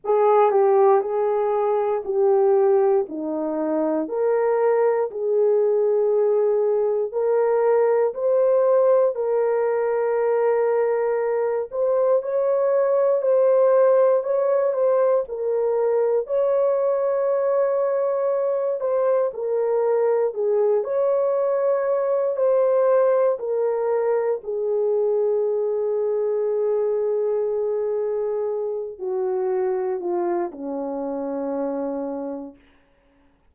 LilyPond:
\new Staff \with { instrumentName = "horn" } { \time 4/4 \tempo 4 = 59 gis'8 g'8 gis'4 g'4 dis'4 | ais'4 gis'2 ais'4 | c''4 ais'2~ ais'8 c''8 | cis''4 c''4 cis''8 c''8 ais'4 |
cis''2~ cis''8 c''8 ais'4 | gis'8 cis''4. c''4 ais'4 | gis'1~ | gis'8 fis'4 f'8 cis'2 | }